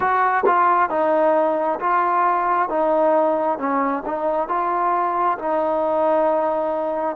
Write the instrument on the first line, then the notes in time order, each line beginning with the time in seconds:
trombone
0.00 F#4
0.46 F4
0.90 D#4
1.79 F4
2.69 D#4
3.58 C#4
4.05 D#4
4.48 F4
5.38 D#4